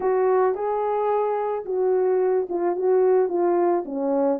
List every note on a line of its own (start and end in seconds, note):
0.00 0.54 F#4
0.54 1.64 G#4
1.65 2.47 F#4
2.49 2.75 F4
2.75 3.29 F#4
3.29 3.84 F4
3.85 4.39 C#4